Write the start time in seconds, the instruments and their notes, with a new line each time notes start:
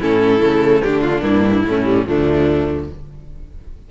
0.00 cello A2, viola C#4, violin E4 A4
0.40 cello C#3, viola A3
0.83 cello D3, violin D4 G4
1.01 violin F4
1.22 cello G2, viola A#3, violin E4
1.66 cello A2, viola A3, violin C#4
1.85 viola G3
2.06 cello D2, viola F3, violin A3 D4